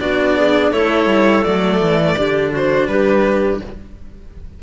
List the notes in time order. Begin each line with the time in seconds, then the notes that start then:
0.00 B3 D4 F#4 D5
0.36 G#4
0.72 A3 E4 A4 C#5
1.06 G3
1.43 F#3 A3 D5
1.81 E3
2.17 D3 D4 G4
2.51 F#4 C5
2.87 G3 G4 B4